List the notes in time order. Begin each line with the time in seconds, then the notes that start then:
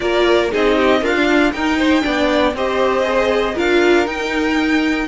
0.00 A#3 F4 A#4 D5
0.51 C4 D#4 G#4 D#5
0.75 G4
1.01 D4 F4 A#4 F5
1.14 D4
1.52 D#4 A#4 G5
1.77 C5
2.01 B3 D4 D5
2.53 C4 G4 C5 D#5
3.03 G#4
3.54 D4 F4 A#4 F5
4.05 D#4 G5